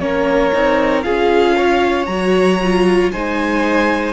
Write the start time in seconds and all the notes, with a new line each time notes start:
0.00 A#3 C#4 A#4 C#5
0.53 C4 D#4
1.03 C#4 F4 G#4 F5
1.56 C#5
2.06 F#3 F#4 A#5
2.64 F4
3.12 G#3 D#4 C5 G#5